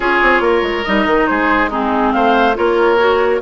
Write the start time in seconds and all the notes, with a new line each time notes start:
0.00 C#4 F4 G#4 C#5
0.22 C4
0.40 A#3 A#4
0.62 G#3
0.84 G3 D#4 D#5
1.05 D#3
1.27 G#3 G#4 C5
1.70 C4 D#4 G#4
2.12 A3 C5 F5
2.54 A#3 F4 A#4 C#5
2.98 F#4